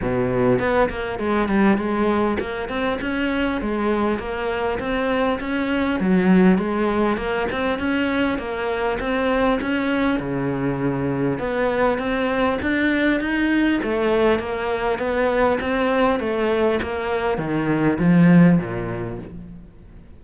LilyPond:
\new Staff \with { instrumentName = "cello" } { \time 4/4 \tempo 4 = 100 b,4 b8 ais8 gis8 g8 gis4 | ais8 c'8 cis'4 gis4 ais4 | c'4 cis'4 fis4 gis4 | ais8 c'8 cis'4 ais4 c'4 |
cis'4 cis2 b4 | c'4 d'4 dis'4 a4 | ais4 b4 c'4 a4 | ais4 dis4 f4 ais,4 | }